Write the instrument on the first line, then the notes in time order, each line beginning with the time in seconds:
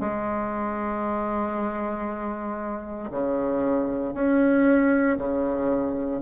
bassoon
0.00 G#3
3.11 C#3
4.14 C#4
5.18 C#3